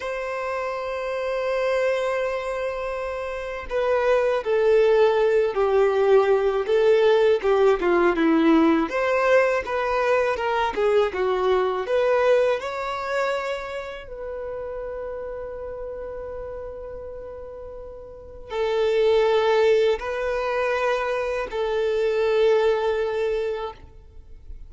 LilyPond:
\new Staff \with { instrumentName = "violin" } { \time 4/4 \tempo 4 = 81 c''1~ | c''4 b'4 a'4. g'8~ | g'4 a'4 g'8 f'8 e'4 | c''4 b'4 ais'8 gis'8 fis'4 |
b'4 cis''2 b'4~ | b'1~ | b'4 a'2 b'4~ | b'4 a'2. | }